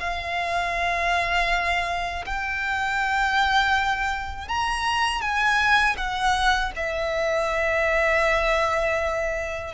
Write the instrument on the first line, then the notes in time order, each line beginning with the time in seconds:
violin
0.00 F5
2.26 G5
4.48 A#5
5.21 G#5
5.97 F#5
6.76 E5